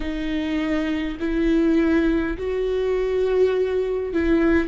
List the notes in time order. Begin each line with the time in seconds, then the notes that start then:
0.00 D#4
1.19 E4
2.37 F#4
4.13 E4